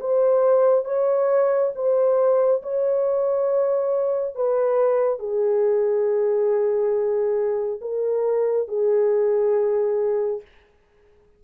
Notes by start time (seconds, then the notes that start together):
0.00 C5
0.85 C#5
1.75 C5
2.62 C#5
4.35 B4
5.19 G#4
7.81 A#4
8.68 G#4